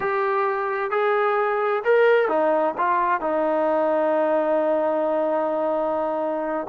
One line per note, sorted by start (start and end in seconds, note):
0.00 0.90 G4
0.90 1.83 G#4
1.84 2.28 A#4
2.28 2.74 D#4
2.77 3.21 F4
3.21 6.67 D#4